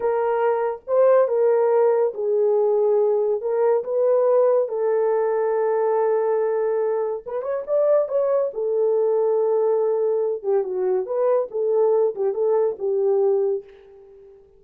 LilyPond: \new Staff \with { instrumentName = "horn" } { \time 4/4 \tempo 4 = 141 ais'2 c''4 ais'4~ | ais'4 gis'2. | ais'4 b'2 a'4~ | a'1~ |
a'4 b'8 cis''8 d''4 cis''4 | a'1~ | a'8 g'8 fis'4 b'4 a'4~ | a'8 g'8 a'4 g'2 | }